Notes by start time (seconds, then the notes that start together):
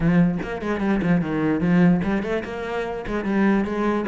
0.00 F3
0.42 A#3
0.61 G#3
0.80 G3
1.02 F3
1.21 D#3
1.60 F3
2.03 G3
2.22 A3
2.44 A#3
3.07 G#3
3.24 G3
3.64 G#3